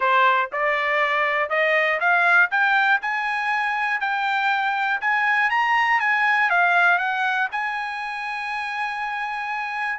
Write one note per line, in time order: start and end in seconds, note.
0.00 0.50 C5
0.52 1.49 D5
1.49 1.99 D#5
2.00 2.50 F5
2.50 3.00 G5
3.01 4.00 G#5
4.00 5.00 G5
5.00 5.50 G#5
5.50 6.00 A#5
6.00 6.50 G#5
6.50 6.98 F5
6.98 7.48 F#5
7.51 9.99 G#5